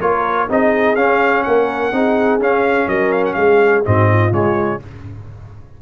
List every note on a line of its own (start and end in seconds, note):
0.00 0.48 A#3
0.00 0.49 F4
0.00 0.48 A#4
0.00 0.49 C#5
0.48 0.96 C4
0.48 0.96 D#4
0.48 1.45 G#4
0.48 0.96 D#5
0.96 1.44 C#4
0.96 1.92 C#4
0.96 1.43 F5
1.43 1.92 A#3
1.43 1.94 A#4
1.43 2.39 F#5
1.92 2.39 C4
1.92 2.40 D#4
1.92 2.88 G#4
2.39 2.87 C#4
2.39 3.84 C#4
2.39 2.89 F5
2.87 3.35 F#3
2.87 3.36 A#4
2.87 3.12 D#5
3.12 3.24 F5
3.25 3.34 F#5
3.34 3.84 G#3
3.34 3.87 G#4
3.34 3.82 F5
3.85 4.32 G#2
3.85 4.32 C4
3.85 4.10 F#4
3.85 4.33 D#5
4.10 4.82 F4
4.32 4.80 C#3
4.32 4.80 G#3
4.32 4.82 C#5